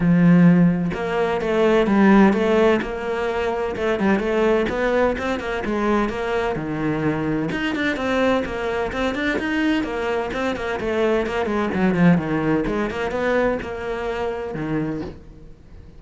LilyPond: \new Staff \with { instrumentName = "cello" } { \time 4/4 \tempo 4 = 128 f2 ais4 a4 | g4 a4 ais2 | a8 g8 a4 b4 c'8 ais8 | gis4 ais4 dis2 |
dis'8 d'8 c'4 ais4 c'8 d'8 | dis'4 ais4 c'8 ais8 a4 | ais8 gis8 fis8 f8 dis4 gis8 ais8 | b4 ais2 dis4 | }